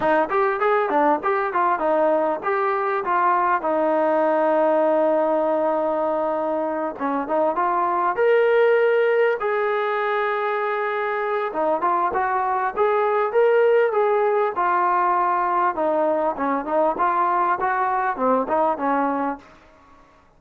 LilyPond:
\new Staff \with { instrumentName = "trombone" } { \time 4/4 \tempo 4 = 99 dis'8 g'8 gis'8 d'8 g'8 f'8 dis'4 | g'4 f'4 dis'2~ | dis'2.~ dis'8 cis'8 | dis'8 f'4 ais'2 gis'8~ |
gis'2. dis'8 f'8 | fis'4 gis'4 ais'4 gis'4 | f'2 dis'4 cis'8 dis'8 | f'4 fis'4 c'8 dis'8 cis'4 | }